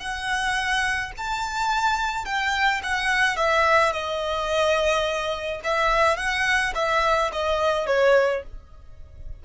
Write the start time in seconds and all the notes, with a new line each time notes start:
0.00 F#5
1.18 A5
2.25 G5
2.84 F#5
3.37 E5
3.93 D#5
5.64 E5
6.17 F#5
6.75 E5
7.33 D#5
7.87 C#5